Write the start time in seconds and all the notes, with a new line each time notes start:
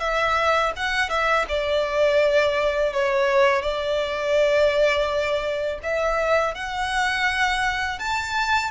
0.00 E5
0.76 F#5
1.10 E5
1.49 D5
2.93 C#5
3.62 D5
5.83 E5
6.55 F#5
7.99 A5